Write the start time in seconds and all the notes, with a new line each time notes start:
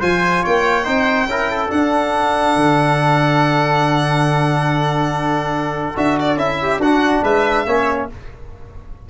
0.00 F3 F4 C5 G#5
0.43 A#3 C#5 G5
0.84 C4 D#4 C5
1.27 C#4 E4 A#4
1.51 A4
1.68 D4 F#5
2.56 D3
5.96 D4 F#4 E5
6.19 D5
6.37 C#4 E4 E5
6.62 G4
6.79 D4 F#4 F#5
7.23 G#3 B4 E5
7.67 A#3 C#4 C#5